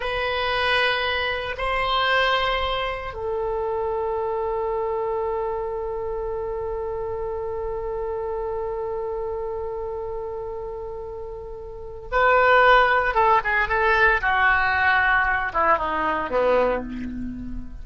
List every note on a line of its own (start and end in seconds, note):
0.00 1.55 B4
1.57 3.13 C5
3.13 12.08 A4
12.11 13.14 B4
13.14 13.40 A4
13.44 13.68 G#4
13.68 14.21 A4
14.21 15.52 F#4
15.53 15.78 E4
15.78 16.29 D#4
16.29 16.82 B3